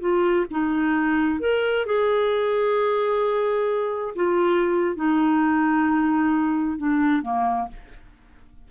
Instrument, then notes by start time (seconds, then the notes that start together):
clarinet
0.00 F4
0.51 D#4
1.40 A#4
1.86 G#4
4.16 F4
4.96 D#4
6.78 D4
7.22 A#3